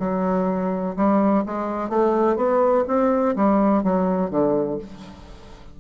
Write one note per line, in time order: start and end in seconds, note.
0.00 0.96 F#3
0.96 1.44 G3
1.46 1.90 G#3
1.90 2.36 A3
2.36 2.84 B3
2.88 3.36 C4
3.36 3.84 G3
3.84 4.30 F#3
4.30 4.78 D3